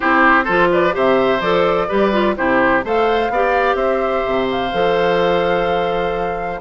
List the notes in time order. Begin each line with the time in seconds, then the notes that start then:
0.00 C4 E4 G4 C5
0.44 F3 F4 A4
0.72 B4 D5
0.91 C3 G4 C5 E5
1.40 F3 A4 D5
1.88 G3 G4 B4
2.12 F4
2.36 C3 E4 G4 C5
2.84 A3 A4 C5 F5
3.29 B3 G4 D5
3.75 C4 C5 E5
4.26 C3
4.51 F5
4.72 F3 A4